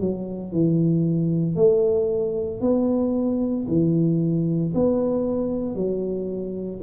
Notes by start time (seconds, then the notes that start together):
0.00 F#3
0.52 E3
1.56 A3
2.61 B3
3.67 E3
4.75 B3
5.75 F#3